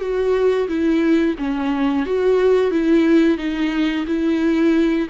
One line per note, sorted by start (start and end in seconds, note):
0.00 0.67 F#4
0.68 1.35 E4
1.38 2.06 C#4
2.06 2.71 F#4
2.71 3.38 E4
3.38 4.05 D#4
4.07 5.08 E4